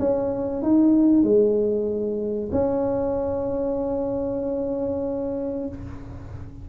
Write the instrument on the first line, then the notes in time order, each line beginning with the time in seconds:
tuba
0.00 C#4
0.63 D#4
1.24 G#3
2.53 C#4